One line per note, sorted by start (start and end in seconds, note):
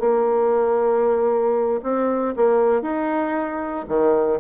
0.00 1.81 A#3
1.83 2.35 C4
2.36 2.82 A#3
2.82 3.86 D#4
3.89 4.40 D#3